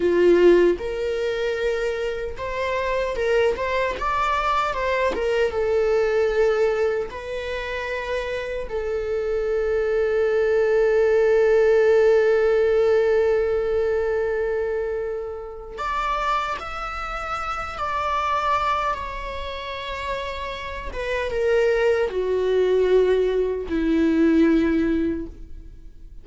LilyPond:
\new Staff \with { instrumentName = "viola" } { \time 4/4 \tempo 4 = 76 f'4 ais'2 c''4 | ais'8 c''8 d''4 c''8 ais'8 a'4~ | a'4 b'2 a'4~ | a'1~ |
a'1 | d''4 e''4. d''4. | cis''2~ cis''8 b'8 ais'4 | fis'2 e'2 | }